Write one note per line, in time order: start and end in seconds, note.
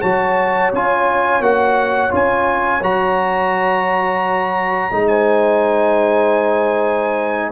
0.00 0.73 F#3
0.00 0.72 F#4
0.00 5.06 C#5
0.00 0.71 A5
0.73 1.40 C#4
0.73 1.42 F4
0.73 1.42 G#5
1.40 2.10 A#3
1.40 2.11 F#4
1.40 2.12 F#5
2.11 2.81 C#4
2.11 2.81 F4
2.11 2.83 G#5
2.81 4.91 F#3
2.81 4.91 F#4
2.81 5.08 A#5
4.91 7.52 G#3
4.91 7.52 D#4
5.08 7.52 C5
5.08 7.52 G#5